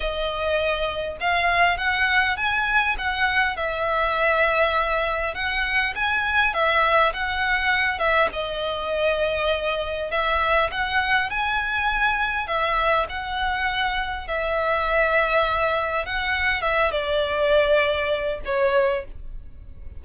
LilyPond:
\new Staff \with { instrumentName = "violin" } { \time 4/4 \tempo 4 = 101 dis''2 f''4 fis''4 | gis''4 fis''4 e''2~ | e''4 fis''4 gis''4 e''4 | fis''4. e''8 dis''2~ |
dis''4 e''4 fis''4 gis''4~ | gis''4 e''4 fis''2 | e''2. fis''4 | e''8 d''2~ d''8 cis''4 | }